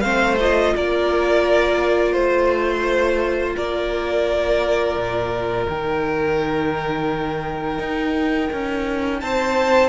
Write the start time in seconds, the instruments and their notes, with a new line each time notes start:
0.00 cello A3, viola C4, violin C5 F5
0.40 viola F4, violin D#5
0.76 cello A#3, violin A#4 D5
2.12 cello A3, violin C5
3.55 cello A#3, violin A#4 D5
4.96 cello A#2
5.68 cello D#3, viola D#4, violin G5
7.79 cello D#4
8.52 cello C#4
9.20 cello C4, violin C5 A5